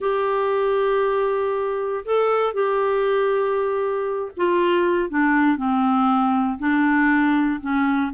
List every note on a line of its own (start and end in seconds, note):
0.00 2.04 G4
2.05 2.53 A4
2.53 4.31 G4
4.36 5.09 F4
5.09 5.57 D4
5.57 6.58 C4
6.58 7.60 D4
7.60 8.11 C#4